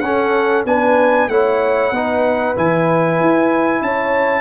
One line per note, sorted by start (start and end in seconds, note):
0.00 0.65 C#4
0.00 0.66 C#4
0.00 0.67 A4
0.00 0.63 F#5
0.65 1.29 B3
0.65 1.30 D4
0.65 1.30 B4
0.65 1.29 G#5
1.29 1.92 A3
1.29 1.94 E4
1.29 1.94 C#5
1.29 2.56 F#5
1.92 2.55 B3
1.92 2.56 D#4
1.92 3.83 B4
2.56 3.21 E3
2.56 4.41 E4
2.56 3.83 G#5
3.21 3.81 E4
3.81 4.41 C#4
3.81 4.41 C#5
3.81 4.41 A5